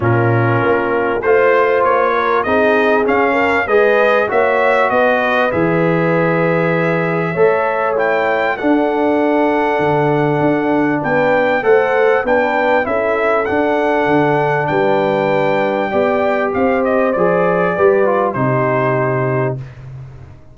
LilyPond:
<<
  \new Staff \with { instrumentName = "trumpet" } { \time 4/4 \tempo 4 = 98 ais'2 c''4 cis''4 | dis''4 f''4 dis''4 e''4 | dis''4 e''2.~ | e''4 g''4 fis''2~ |
fis''2 g''4 fis''4 | g''4 e''4 fis''2 | g''2. f''8 dis''8 | d''2 c''2 | }
  \new Staff \with { instrumentName = "horn" } { \time 4/4 f'2 c''4. ais'8 | gis'4. ais'8 b'4 cis''4 | b'1 | cis''2 a'2~ |
a'2 b'4 c''4 | b'4 a'2. | b'2 d''4 c''4~ | c''4 b'4 g'2 | }
  \new Staff \with { instrumentName = "trombone" } { \time 4/4 cis'2 f'2 | dis'4 cis'4 gis'4 fis'4~ | fis'4 gis'2. | a'4 e'4 d'2~ |
d'2. a'4 | d'4 e'4 d'2~ | d'2 g'2 | gis'4 g'8 f'8 dis'2 | }
  \new Staff \with { instrumentName = "tuba" } { \time 4/4 ais,4 ais4 a4 ais4 | c'4 cis'4 gis4 ais4 | b4 e2. | a2 d'2 |
d4 d'4 b4 a4 | b4 cis'4 d'4 d4 | g2 b4 c'4 | f4 g4 c2 | }
>>